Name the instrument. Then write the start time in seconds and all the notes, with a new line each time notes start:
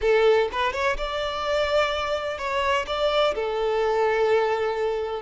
violin
0.01 A4
0.52 B4
0.73 C#5
0.97 D5
2.37 C#5
2.86 D5
3.35 A4